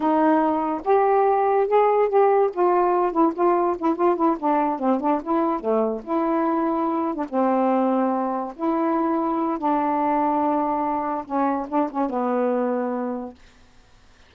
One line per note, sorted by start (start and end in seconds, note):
0.00 0.81 D#4
0.84 1.67 G4
1.67 2.09 G#4
2.09 2.50 G4
2.53 3.12 F4
3.12 3.32 E4
3.34 3.76 F4
3.78 3.95 E4
3.95 4.16 F4
4.16 4.36 E4
4.39 4.79 D4
4.79 5.00 C4
5.00 5.21 D4
5.22 5.60 E4
5.60 6.01 A3
6.04 7.15 E4
7.15 7.25 D4
7.29 8.54 C4
8.55 9.58 E4
9.58 11.24 D4
11.25 11.66 C#4
11.69 11.89 D4
11.91 12.09 C#4
12.09 13.34 B3